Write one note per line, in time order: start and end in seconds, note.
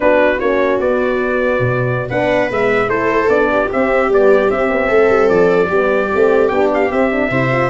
0.00 0.40 B3
0.00 0.39 D4
0.00 2.09 F#4
0.00 0.39 B4
0.39 0.80 A#3
0.39 0.82 C#4
0.39 0.79 C#5
0.80 1.59 B3
0.80 2.10 B3
0.80 2.09 D5
1.59 2.09 B2
2.09 2.50 B3
2.09 2.49 D4
2.09 2.89 B4
2.09 2.49 F#5
2.49 2.87 G#3
2.49 2.88 B3
2.49 2.89 E5
2.87 3.27 A3
2.87 3.28 E4
2.87 3.50 A4
2.87 3.29 C5
3.28 3.68 B3
3.28 3.70 D4
3.28 3.69 D5
3.51 4.87 G4
3.71 4.11 C4
3.71 4.09 C4
3.71 4.12 E5
4.09 4.49 G3
4.09 4.49 B3
4.09 4.50 D5
4.49 5.69 C4
4.49 4.69 C4
4.49 5.28 E5
4.69 4.89 B3
4.87 5.09 A3
4.87 5.67 A4
5.09 5.29 G3
5.28 5.69 F3
5.28 6.48 D5
5.68 6.10 G3
5.68 6.10 B3
5.68 7.28 G4
6.11 6.50 A3
6.11 6.50 C4
6.48 6.90 B3
6.48 6.90 D4
6.48 6.68 G5
6.74 6.91 F5
6.90 7.10 C4
6.90 7.30 C4
6.90 7.69 E5
7.11 7.29 D4
7.29 7.69 C3
7.29 7.49 E4
7.29 7.69 C5
7.51 7.69 F4